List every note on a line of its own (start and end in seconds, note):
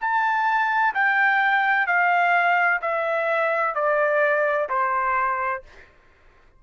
0.00 0.94 A5
0.94 1.86 G5
1.86 2.80 F5
2.81 3.75 E5
3.75 4.68 D5
4.69 5.62 C5